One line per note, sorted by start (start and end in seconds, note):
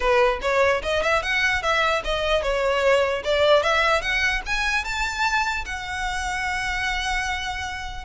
0.00 0.39 B4
0.41 0.81 C#5
0.82 1.02 D#5
1.02 1.22 E5
1.22 1.62 F#5
1.62 2.02 E5
2.04 2.42 D#5
2.42 3.23 C#5
3.24 3.63 D5
3.63 4.01 E5
4.01 4.41 F#5
4.46 4.84 G#5
4.84 5.65 A5
5.65 8.04 F#5